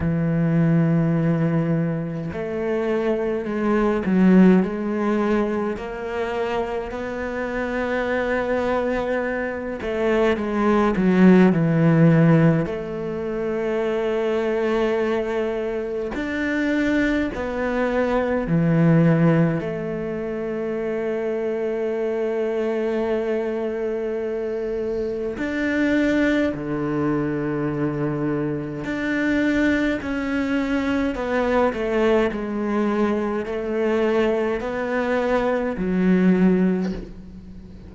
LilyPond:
\new Staff \with { instrumentName = "cello" } { \time 4/4 \tempo 4 = 52 e2 a4 gis8 fis8 | gis4 ais4 b2~ | b8 a8 gis8 fis8 e4 a4~ | a2 d'4 b4 |
e4 a2.~ | a2 d'4 d4~ | d4 d'4 cis'4 b8 a8 | gis4 a4 b4 fis4 | }